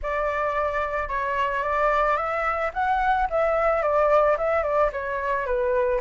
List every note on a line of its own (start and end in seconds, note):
0.02 1.08 D5
1.08 1.63 C#5
1.63 2.16 D5
2.16 2.71 E5
2.73 3.28 F#5
3.30 3.82 E5
3.82 4.36 D5
4.37 4.63 E5
4.63 4.90 D5
4.92 5.45 C#5
5.45 6.00 B4